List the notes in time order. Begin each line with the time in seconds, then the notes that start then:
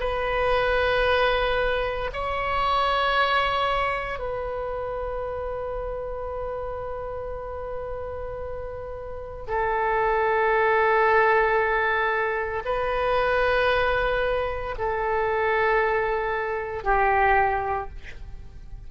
0.00 B4
2.13 C#5
4.19 B4
9.47 A4
12.65 B4
14.78 A4
16.84 G4